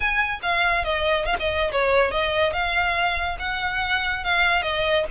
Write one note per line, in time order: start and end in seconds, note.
0.00 0.40 G#5
0.42 0.84 F5
0.84 1.25 D#5
1.25 1.36 F5
1.39 1.71 D#5
1.71 2.11 C#5
2.11 2.52 D#5
2.52 3.37 F5
3.39 4.23 F#5
4.23 4.62 F5
4.62 5.04 D#5